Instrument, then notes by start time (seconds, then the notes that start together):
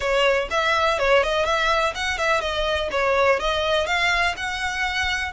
violin
0.00 C#5
0.50 E5
0.99 C#5
1.23 D#5
1.45 E5
1.94 F#5
2.18 E5
2.41 D#5
2.91 C#5
3.39 D#5
3.86 F5
4.36 F#5